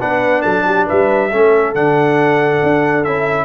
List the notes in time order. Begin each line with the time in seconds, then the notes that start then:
0.00 B3 D4 B4 F#5
0.42 F#3 A4 A5
0.66 G4
0.86 G3 B4 E5
1.31 A3 C#4 A4
1.74 D3 D4 F#5
2.63 D4
3.04 C#4 E4 E5